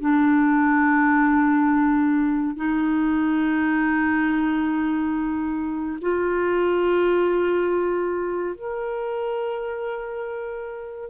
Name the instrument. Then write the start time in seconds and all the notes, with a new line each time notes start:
clarinet
0.00 D4
2.56 D#4
6.02 F4
8.55 A#4